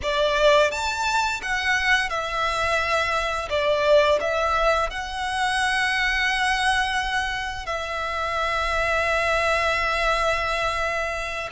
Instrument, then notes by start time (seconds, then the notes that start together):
violin
0.02 D5
0.71 A5
1.42 F#5
2.09 E5
3.49 D5
4.20 E5
4.90 F#5
7.66 E5